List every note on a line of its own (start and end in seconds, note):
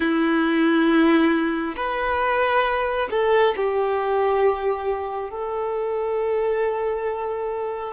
0.00 1.74 E4
1.76 3.08 B4
3.10 3.54 A4
3.56 5.30 G4
5.30 7.93 A4